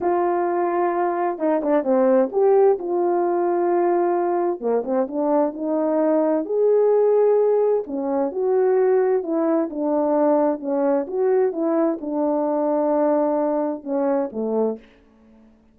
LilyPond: \new Staff \with { instrumentName = "horn" } { \time 4/4 \tempo 4 = 130 f'2. dis'8 d'8 | c'4 g'4 f'2~ | f'2 ais8 c'8 d'4 | dis'2 gis'2~ |
gis'4 cis'4 fis'2 | e'4 d'2 cis'4 | fis'4 e'4 d'2~ | d'2 cis'4 a4 | }